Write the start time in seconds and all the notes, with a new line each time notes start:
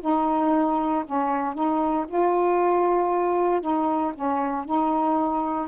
0.00 D#4
1.04 C#4
1.54 D#4
2.07 F4
3.61 D#4
4.14 C#4
4.65 D#4